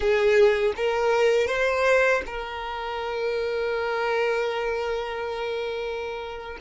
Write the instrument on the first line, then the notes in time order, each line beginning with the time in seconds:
violin
0.00 G#4
0.76 A#4
1.47 C5
2.26 A#4